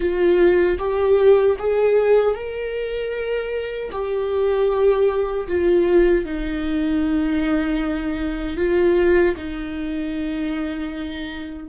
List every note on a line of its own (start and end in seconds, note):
0.00 0.78 F4
0.78 1.56 G4
1.58 2.34 G#4
2.34 3.90 A#4
3.91 5.47 G4
5.47 6.25 F4
6.25 8.56 D#4
8.56 9.34 F4
9.36 11.68 D#4